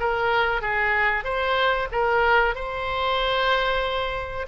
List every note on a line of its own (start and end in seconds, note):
0.00 0.62 A#4
0.62 1.24 G#4
1.24 1.88 C5
1.92 2.55 A#4
2.55 4.47 C5